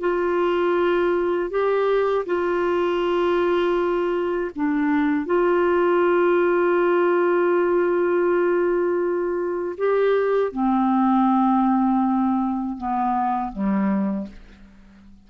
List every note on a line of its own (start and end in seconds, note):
0.00 1.50 F4
1.50 2.25 G4
2.25 4.50 F4
4.55 5.25 D4
5.25 9.75 F4
9.77 10.52 G4
10.52 12.77 C4
12.77 13.52 B3
13.52 14.27 G3